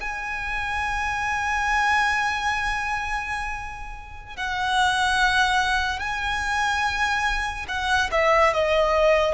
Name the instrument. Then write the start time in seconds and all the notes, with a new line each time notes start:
violin
0.00 G#5
4.36 F#5
5.99 G#5
7.68 F#5
8.11 E5
8.53 D#5